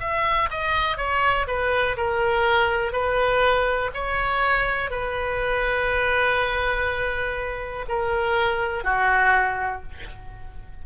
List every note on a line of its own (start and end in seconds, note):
0.00 0.49 E5
0.51 0.97 D#5
0.97 1.46 C#5
1.47 1.96 B4
1.97 2.93 A#4
2.93 3.91 B4
3.94 4.90 C#5
4.90 7.86 B4
7.88 8.84 A#4
8.84 9.83 F#4